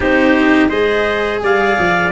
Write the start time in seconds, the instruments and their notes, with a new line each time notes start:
0.00 tuba C4, cello D#4, trumpet G4, clarinet C5
0.68 tuba G#3, cello G#4, trumpet C5, clarinet D#5
1.42 tuba G3, trumpet D5, clarinet F5
1.78 tuba F3